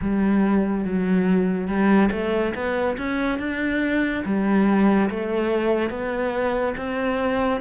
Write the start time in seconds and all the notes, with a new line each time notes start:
0.01 G3
0.84 F#3
1.67 G3
2.11 A3
2.54 B3
2.97 C#4
3.38 D4
4.25 G3
5.09 A3
5.90 B3
6.76 C4